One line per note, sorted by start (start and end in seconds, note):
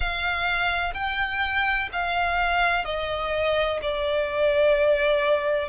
0.00 0.93 F5
0.94 1.89 G5
1.92 2.84 F5
2.84 3.80 D#5
3.81 5.68 D5